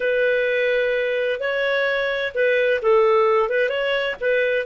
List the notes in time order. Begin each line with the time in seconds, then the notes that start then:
0.00 B4
1.40 C#5
2.34 B4
2.82 A4
3.49 B4
3.69 C#5
4.20 B4